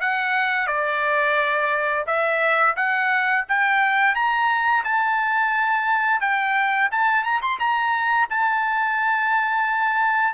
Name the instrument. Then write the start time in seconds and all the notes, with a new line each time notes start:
trumpet
0.00 F#5
0.66 D5
2.06 E5
2.76 F#5
3.48 G5
4.14 A#5
4.84 A5
6.20 G5
6.91 A5
7.23 A#5
7.41 C6
7.59 A#5
8.29 A5